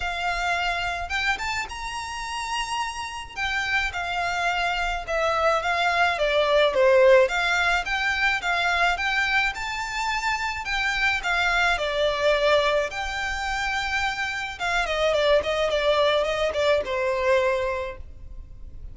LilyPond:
\new Staff \with { instrumentName = "violin" } { \time 4/4 \tempo 4 = 107 f''2 g''8 a''8 ais''4~ | ais''2 g''4 f''4~ | f''4 e''4 f''4 d''4 | c''4 f''4 g''4 f''4 |
g''4 a''2 g''4 | f''4 d''2 g''4~ | g''2 f''8 dis''8 d''8 dis''8 | d''4 dis''8 d''8 c''2 | }